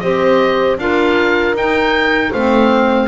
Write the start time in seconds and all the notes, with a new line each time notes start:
0.00 C4 G4 C5 D#5
0.78 D4 F4 A#4 F5
1.54 D#4 G5
2.32 A3 C4 C5 F5